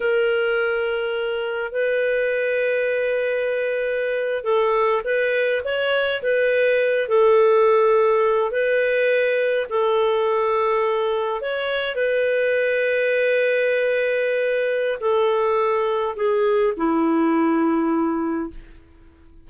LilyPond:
\new Staff \with { instrumentName = "clarinet" } { \time 4/4 \tempo 4 = 104 ais'2. b'4~ | b'2.~ b'8. a'16~ | a'8. b'4 cis''4 b'4~ b'16~ | b'16 a'2~ a'8 b'4~ b'16~ |
b'8. a'2. cis''16~ | cis''8. b'2.~ b'16~ | b'2 a'2 | gis'4 e'2. | }